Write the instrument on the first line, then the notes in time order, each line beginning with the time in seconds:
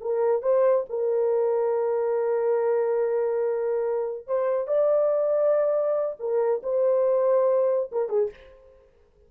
horn
0.00 A#4
0.42 C5
0.89 A#4
4.27 C5
4.67 D5
6.19 A#4
6.63 C5
7.91 A#4
8.09 G#4